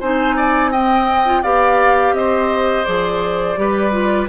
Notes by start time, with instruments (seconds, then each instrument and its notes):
0.00 bassoon C4, clarinet D#4, oboe C5, flute G#5
0.36 oboe D5
0.71 clarinet C4, oboe D#5, flute G5
1.25 clarinet F4
1.42 bassoon B3, clarinet G4, oboe D5, flute F5
2.13 bassoon C4, oboe C5, flute D#5
2.84 bassoon F3, clarinet G#4, flute D5
3.56 bassoon G3, clarinet G4, oboe B4
3.92 clarinet F4